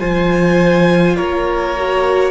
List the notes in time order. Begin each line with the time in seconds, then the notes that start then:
0.00 F3 F4 C5 G#5
1.16 A#3 A#4 C#5
1.78 F#4